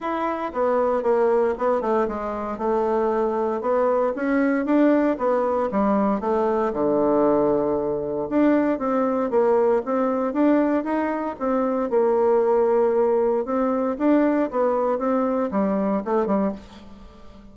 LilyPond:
\new Staff \with { instrumentName = "bassoon" } { \time 4/4 \tempo 4 = 116 e'4 b4 ais4 b8 a8 | gis4 a2 b4 | cis'4 d'4 b4 g4 | a4 d2. |
d'4 c'4 ais4 c'4 | d'4 dis'4 c'4 ais4~ | ais2 c'4 d'4 | b4 c'4 g4 a8 g8 | }